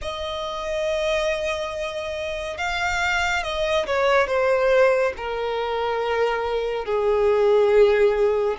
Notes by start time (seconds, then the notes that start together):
0.01 D#5
2.57 F5
3.43 D#5
3.86 C#5
4.27 C5
5.17 A#4
6.85 G#4